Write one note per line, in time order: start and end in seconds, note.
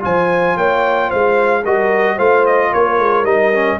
0.00 0.56 F3
0.00 1.62 F4
0.00 0.57 C5
0.00 0.57 G#5
0.56 1.10 A#3
0.56 1.09 C#5
0.56 1.11 G5
1.09 1.65 G#3
1.09 1.63 C5
1.09 1.65 F5
1.64 2.18 G3
1.64 2.18 F#4
1.64 2.16 A#4
1.64 2.18 D#5
2.16 2.73 A3
2.16 3.25 F4
2.16 2.70 C5
2.16 2.45 F5
2.46 2.73 D#5
2.72 2.99 A#3
2.72 3.79 A#4
2.72 3.25 C#5
2.99 3.23 G#3
3.23 3.77 G3
3.23 3.52 D#4
3.23 3.79 D#5
3.53 3.79 C#4